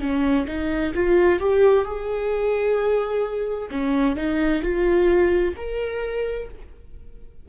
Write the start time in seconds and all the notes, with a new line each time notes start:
0.00 C#4
0.47 D#4
0.94 F4
1.39 G4
1.85 G#4
3.70 C#4
4.16 D#4
4.62 F4
5.56 A#4